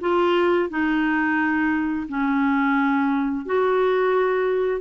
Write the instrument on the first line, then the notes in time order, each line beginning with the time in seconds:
clarinet
0.00 F4
0.69 D#4
2.08 C#4
3.45 F#4